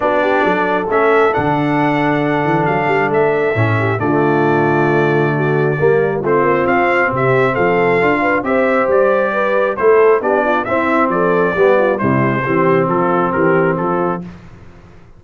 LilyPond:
<<
  \new Staff \with { instrumentName = "trumpet" } { \time 4/4 \tempo 4 = 135 d''2 e''4 fis''4~ | fis''2 f''4 e''4~ | e''4 d''2.~ | d''2 c''4 f''4 |
e''4 f''2 e''4 | d''2 c''4 d''4 | e''4 d''2 c''4~ | c''4 a'4 ais'4 a'4 | }
  \new Staff \with { instrumentName = "horn" } { \time 4/4 fis'8 g'8 a'2.~ | a'1~ | a'8 g'8 f'2. | fis'4 ais'4 f'2 |
g'4 a'4. b'8 c''4~ | c''4 b'4 a'4 g'8 f'8 | e'4 a'4 g'8 f'8 e'4 | g'4 f'4 g'4 f'4 | }
  \new Staff \with { instrumentName = "trombone" } { \time 4/4 d'2 cis'4 d'4~ | d'1 | cis'4 a2.~ | a4 ais4 c'2~ |
c'2 f'4 g'4~ | g'2 e'4 d'4 | c'2 b4 g4 | c'1 | }
  \new Staff \with { instrumentName = "tuba" } { \time 4/4 b4 fis4 a4 d4~ | d4. e8 fis8 g8 a4 | a,4 d2.~ | d4 g4 a8 ais8 c'4 |
c4 f4 d'4 c'4 | g2 a4 b4 | c'4 f4 g4 c4 | e4 f4 e4 f4 | }
>>